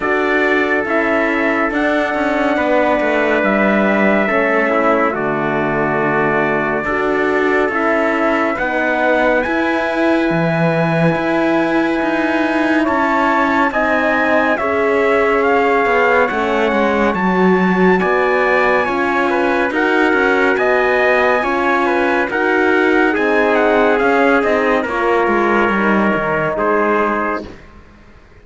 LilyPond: <<
  \new Staff \with { instrumentName = "trumpet" } { \time 4/4 \tempo 4 = 70 d''4 e''4 fis''2 | e''2 d''2~ | d''4 e''4 fis''4 gis''4~ | gis''2. a''4 |
gis''4 e''4 f''4 fis''4 | a''4 gis''2 fis''4 | gis''2 fis''4 gis''8 fis''8 | f''8 dis''8 cis''2 c''4 | }
  \new Staff \with { instrumentName = "trumpet" } { \time 4/4 a'2. b'4~ | b'4 a'8 e'8 fis'2 | a'2 b'2~ | b'2. cis''4 |
dis''4 cis''2.~ | cis''4 d''4 cis''8 b'8 ais'4 | dis''4 cis''8 b'8 ais'4 gis'4~ | gis'4 ais'2 gis'4 | }
  \new Staff \with { instrumentName = "horn" } { \time 4/4 fis'4 e'4 d'2~ | d'4 cis'4 a2 | fis'4 e'4 dis'4 e'4~ | e'1 |
dis'4 gis'2 cis'4 | fis'2 f'4 fis'4~ | fis'4 f'4 fis'4 dis'4 | cis'8 dis'8 f'4 dis'2 | }
  \new Staff \with { instrumentName = "cello" } { \time 4/4 d'4 cis'4 d'8 cis'8 b8 a8 | g4 a4 d2 | d'4 cis'4 b4 e'4 | e4 e'4 dis'4 cis'4 |
c'4 cis'4. b8 a8 gis8 | fis4 b4 cis'4 dis'8 cis'8 | b4 cis'4 dis'4 c'4 | cis'8 c'8 ais8 gis8 g8 dis8 gis4 | }
>>